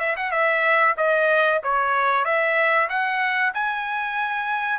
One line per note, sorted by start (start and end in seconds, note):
0.00 0.16 E5
0.17 0.31 F#5
0.31 0.95 E5
0.97 1.61 D#5
1.63 2.25 C#5
2.25 2.89 E5
2.89 3.53 F#5
3.54 4.79 G#5